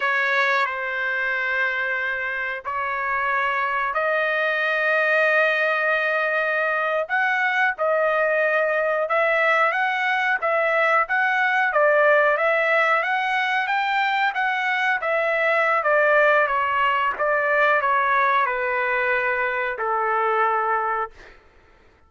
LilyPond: \new Staff \with { instrumentName = "trumpet" } { \time 4/4 \tempo 4 = 91 cis''4 c''2. | cis''2 dis''2~ | dis''2~ dis''8. fis''4 dis''16~ | dis''4.~ dis''16 e''4 fis''4 e''16~ |
e''8. fis''4 d''4 e''4 fis''16~ | fis''8. g''4 fis''4 e''4~ e''16 | d''4 cis''4 d''4 cis''4 | b'2 a'2 | }